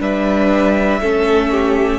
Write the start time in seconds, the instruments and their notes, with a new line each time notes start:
0.00 cello G3, viola D4, violin B4 E5
1.00 cello A3, viola C#4, violin A4
1.51 violin G4